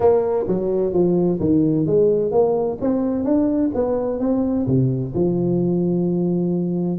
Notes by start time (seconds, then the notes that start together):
0.00 A#3
0.47 F#3
0.92 F3
1.40 D#3
1.86 G#3
2.31 A#3
2.80 C4
3.24 D4
3.74 B3
4.19 C4
4.66 C3
5.14 F3